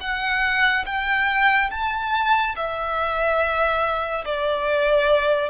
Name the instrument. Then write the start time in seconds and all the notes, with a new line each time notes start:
violin
0.00 F#5
0.86 G5
1.71 A5
2.56 E5
4.25 D5